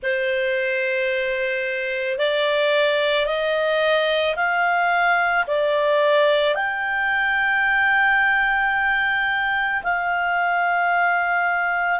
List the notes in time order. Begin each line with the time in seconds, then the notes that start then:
0.02 C5
2.18 D5
3.26 D#5
4.36 F5
5.47 D5
6.55 G5
9.83 F5